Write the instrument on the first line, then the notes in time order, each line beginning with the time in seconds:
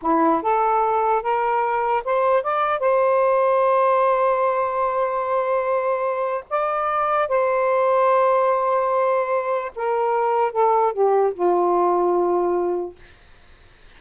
saxophone
0.01 E4
0.42 A4
1.22 A#4
2.04 C5
2.43 D5
2.79 C5
6.50 D5
7.28 C5
9.75 A#4
10.52 A4
10.92 G4
11.33 F4